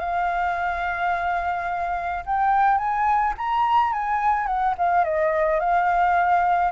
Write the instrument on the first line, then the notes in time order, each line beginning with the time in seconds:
flute
0.00 F5
2.26 G5
2.78 G#5
3.37 A#5
3.93 G#5
4.47 F#5
4.78 F5
5.04 D#5
5.60 F5